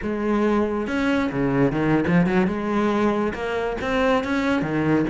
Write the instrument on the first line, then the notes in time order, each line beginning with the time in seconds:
cello
0.02 G#3
0.87 C#4
1.31 C#3
1.71 D#3
2.07 F3
2.26 F#3
2.47 G#3
3.33 A#3
3.81 C4
4.23 C#4
4.62 D#3